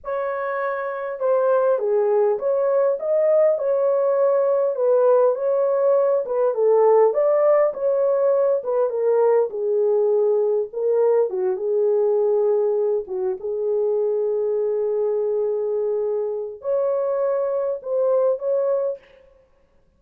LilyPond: \new Staff \with { instrumentName = "horn" } { \time 4/4 \tempo 4 = 101 cis''2 c''4 gis'4 | cis''4 dis''4 cis''2 | b'4 cis''4. b'8 a'4 | d''4 cis''4. b'8 ais'4 |
gis'2 ais'4 fis'8 gis'8~ | gis'2 fis'8 gis'4.~ | gis'1 | cis''2 c''4 cis''4 | }